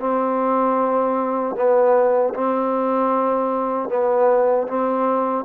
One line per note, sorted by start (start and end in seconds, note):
0.00 1.56 C4
1.56 2.34 B3
2.35 3.90 C4
3.90 4.68 B3
4.68 5.45 C4